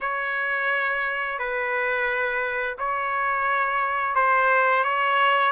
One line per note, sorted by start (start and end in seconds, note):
0.00 1.38 C#5
1.39 2.76 B4
2.78 4.15 C#5
4.15 4.84 C5
4.84 5.51 C#5